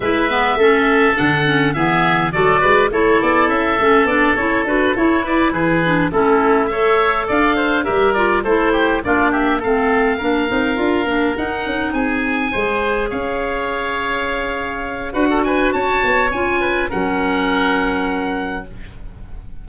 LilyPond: <<
  \new Staff \with { instrumentName = "oboe" } { \time 4/4 \tempo 4 = 103 e''2 fis''4 e''4 | d''4 cis''8 d''8 e''4 d''8 cis''8 | b'8 cis''8 d''8 b'4 a'4 e''8~ | e''8 f''4 e''8 d''8 c''4 d''8 |
e''8 f''2. fis''8~ | fis''8 gis''2 f''4.~ | f''2 fis''8 gis''8 a''4 | gis''4 fis''2. | }
  \new Staff \with { instrumentName = "oboe" } { \time 4/4 b'4 a'2 gis'4 | a'8 b'8 a'2.~ | a'4 b'8 gis'4 e'4 cis''8~ | cis''8 d''8 c''8 ais'4 a'8 g'8 f'8 |
g'8 a'4 ais'2~ ais'8~ | ais'8 gis'4 c''4 cis''4.~ | cis''2 b'16 a'16 b'8 cis''4~ | cis''8 b'8 ais'2. | }
  \new Staff \with { instrumentName = "clarinet" } { \time 4/4 e'8 b8 cis'4 d'8 cis'8 b4 | fis'4 e'4. cis'8 d'8 e'8 | fis'8 e'4. d'8 cis'4 a'8~ | a'4. g'8 f'8 e'4 d'8~ |
d'8 c'4 d'8 dis'8 f'8 d'8 dis'8~ | dis'4. gis'2~ gis'8~ | gis'2 fis'2 | f'4 cis'2. | }
  \new Staff \with { instrumentName = "tuba" } { \time 4/4 gis4 a4 d4 e4 | fis8 gis8 a8 b8 cis'8 a8 b8 cis'8 | d'8 e'4 e4 a4.~ | a8 d'4 g4 a4 ais8~ |
ais8 a4 ais8 c'8 d'8 ais8 dis'8 | cis'8 c'4 gis4 cis'4.~ | cis'2 d'4 cis'8 b8 | cis'4 fis2. | }
>>